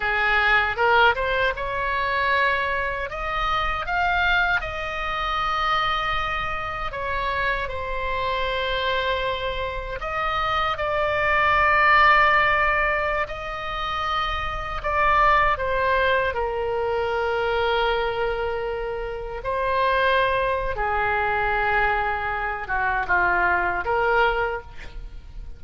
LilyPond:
\new Staff \with { instrumentName = "oboe" } { \time 4/4 \tempo 4 = 78 gis'4 ais'8 c''8 cis''2 | dis''4 f''4 dis''2~ | dis''4 cis''4 c''2~ | c''4 dis''4 d''2~ |
d''4~ d''16 dis''2 d''8.~ | d''16 c''4 ais'2~ ais'8.~ | ais'4~ ais'16 c''4.~ c''16 gis'4~ | gis'4. fis'8 f'4 ais'4 | }